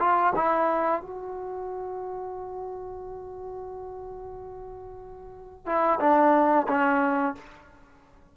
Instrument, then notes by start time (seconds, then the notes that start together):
trombone
0.00 F4
0.36 E4
1.02 F#4
5.66 E4
6.00 D4
6.68 C#4